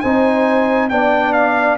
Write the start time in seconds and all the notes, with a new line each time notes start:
0.00 C4 D#4 C5 G#5
0.89 B3 D4 D5 G5
1.33 F5